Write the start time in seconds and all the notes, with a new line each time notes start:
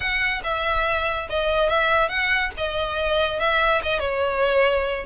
0.00 F#5
0.43 E5
1.29 D#5
1.69 E5
2.09 F#5
2.57 D#5
3.39 E5
3.82 D#5
3.99 C#5